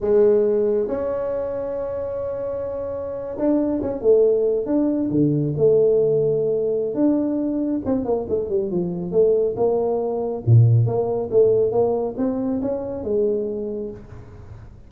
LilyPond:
\new Staff \with { instrumentName = "tuba" } { \time 4/4 \tempo 4 = 138 gis2 cis'2~ | cis'2.~ cis'8. d'16~ | d'8. cis'8 a4. d'4 d16~ | d8. a2.~ a16 |
d'2 c'8 ais8 a8 g8 | f4 a4 ais2 | ais,4 ais4 a4 ais4 | c'4 cis'4 gis2 | }